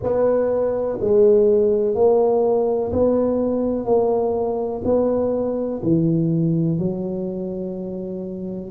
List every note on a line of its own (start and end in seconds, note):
0.02 0.99 B3
1.00 1.94 G#3
1.94 2.91 A#3
2.92 3.85 B3
3.85 4.82 A#3
4.84 5.81 B3
5.82 6.78 E3
6.78 8.70 F#3